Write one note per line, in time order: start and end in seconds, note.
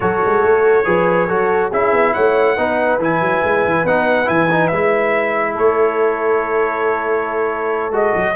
0.00 0.23 F#3
0.00 0.84 F#4
0.00 0.85 A4
0.00 1.70 C#5
0.25 0.42 G#3
0.42 0.85 A3
0.84 1.29 F3
0.84 1.27 G#4
0.84 1.27 B4
1.27 1.72 F#3
1.27 1.71 F#4
1.27 1.70 A4
1.70 1.92 C#4
1.70 2.57 E4
1.70 2.12 G#4
1.70 2.13 E5
1.92 2.13 B3
2.13 2.57 A3
2.13 2.56 C#5
2.13 2.99 F#5
2.56 2.99 B3
2.56 3.00 D#4
2.56 5.54 B4
2.99 3.20 E3
2.99 3.86 E4
2.99 3.86 G#5
3.20 3.42 F#3
3.43 3.65 G#3
3.65 3.84 E3
3.84 4.27 B3
3.84 4.25 D#4
3.84 4.28 F#5
4.25 4.72 E3
4.25 4.47 E4
4.25 4.67 G#5
4.51 4.72 D#4
4.67 5.56 G#3
4.67 5.53 E5
4.74 7.91 E4
5.54 7.91 A3
5.54 8.32 A4
5.54 7.93 C#5
7.91 8.12 G#3
7.91 8.34 F#4
7.91 8.35 D#5
8.15 8.35 F#3